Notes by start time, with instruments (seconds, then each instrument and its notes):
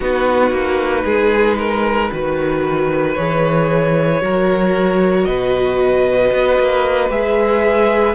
0.00 cello B3, viola D#4, violin F#4 B4
0.50 cello A#3
1.04 cello G#3, violin G#4
1.58 violin A#4
2.11 cello D#3, viola F#4, violin B4
3.14 cello E3, viola G#4, violin C#5
4.21 cello F#3, viola F#4, violin A#4
5.24 cello B2, violin B4 D#5
6.32 cello B3
6.58 cello A#3
7.09 cello G#3, viola G#4, violin E5